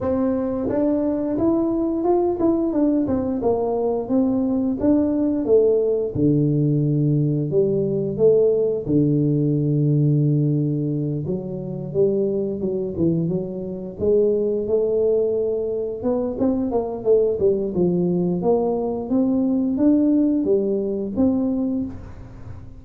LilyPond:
\new Staff \with { instrumentName = "tuba" } { \time 4/4 \tempo 4 = 88 c'4 d'4 e'4 f'8 e'8 | d'8 c'8 ais4 c'4 d'4 | a4 d2 g4 | a4 d2.~ |
d8 fis4 g4 fis8 e8 fis8~ | fis8 gis4 a2 b8 | c'8 ais8 a8 g8 f4 ais4 | c'4 d'4 g4 c'4 | }